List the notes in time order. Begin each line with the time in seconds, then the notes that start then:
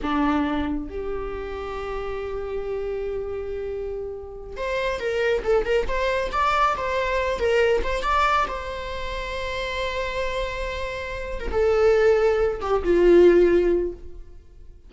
0.02 D4
0.89 G4
4.57 C5
4.99 A#4
5.44 A4
5.65 A#4
5.87 C5
6.32 D5
6.76 C5
7.39 A#4
7.83 C5
8.02 D5
8.48 C5
11.40 A#4
11.51 A4
12.60 G4
12.84 F4